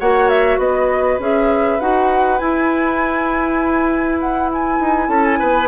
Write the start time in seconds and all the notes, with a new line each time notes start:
0.00 A#3 F#4 C#5 F#5
0.29 E5
0.59 B3 B4 D#5
1.19 C#4 G#4 E5
1.81 D#4 F#4 F#5
2.39 E4 G#5
4.20 F#5
4.54 G#5
4.80 D#4
5.09 C#4 A4 A5
5.25 G#5
5.40 B3 B4